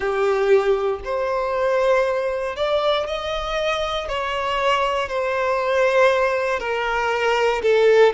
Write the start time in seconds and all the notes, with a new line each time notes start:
0.00 G4
1.04 C5
2.56 D5
3.06 D#5
4.08 C#5
5.08 C5
6.59 A#4
7.62 A4